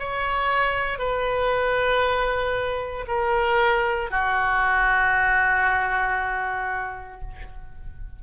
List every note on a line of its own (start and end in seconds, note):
0.00 0.99 C#5
0.99 3.06 B4
3.08 4.11 A#4
4.11 7.22 F#4